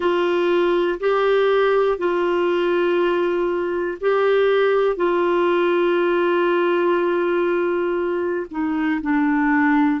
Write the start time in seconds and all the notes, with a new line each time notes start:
0.00 F4
1.00 G4
1.98 F4
4.00 G4
4.96 F4
8.50 D#4
9.01 D4